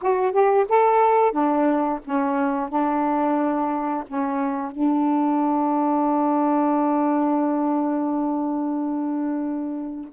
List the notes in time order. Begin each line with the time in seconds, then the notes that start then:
0.01 F#4
0.32 G4
0.68 A4
1.31 D4
2.04 C#4
2.69 D4
4.07 C#4
4.71 D4